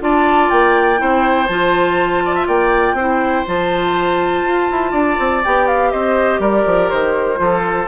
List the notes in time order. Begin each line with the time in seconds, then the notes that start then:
0.00 D4 F4 D5 A5
0.50 A#3 G5
0.97 C4 E4 C5
1.47 F3 F4 A5
2.25 D5
2.36 E5
2.47 A#3 D5 G5
2.94 C4 E4 C5
3.47 F3 F4 A5
4.44 F4
4.71 E4
4.92 D4 D5
5.19 C4
5.45 B3 G4 G5
5.68 F5
5.91 C4 C5 D#5
6.40 G3 A#4 D5
6.66 F3
6.90 D#3 C5
7.37 F3 F4 A4